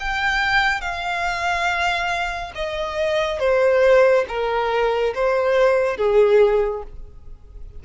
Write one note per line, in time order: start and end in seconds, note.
0.00 0.81 G5
0.81 2.52 F5
2.55 3.40 D#5
3.40 4.25 C5
4.28 5.14 A#4
5.15 5.97 C5
5.97 6.83 G#4